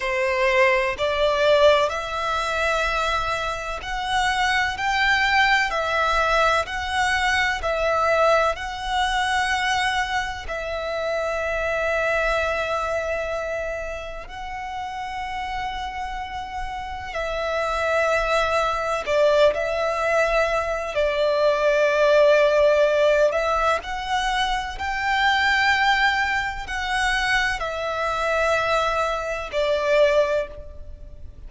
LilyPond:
\new Staff \with { instrumentName = "violin" } { \time 4/4 \tempo 4 = 63 c''4 d''4 e''2 | fis''4 g''4 e''4 fis''4 | e''4 fis''2 e''4~ | e''2. fis''4~ |
fis''2 e''2 | d''8 e''4. d''2~ | d''8 e''8 fis''4 g''2 | fis''4 e''2 d''4 | }